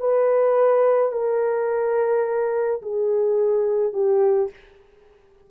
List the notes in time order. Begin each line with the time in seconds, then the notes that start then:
0.00 B4
1.12 A#4
2.82 G#4
3.94 G4